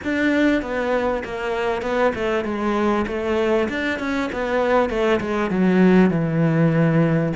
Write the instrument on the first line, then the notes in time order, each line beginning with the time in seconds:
cello
0.04 D4
0.62 B3
1.24 A#3
1.82 B3
2.14 A3
2.44 G#3
3.07 A3
3.68 D4
3.99 C#4
4.32 B3
4.89 A3
5.20 G#3
5.50 F#3
6.10 E3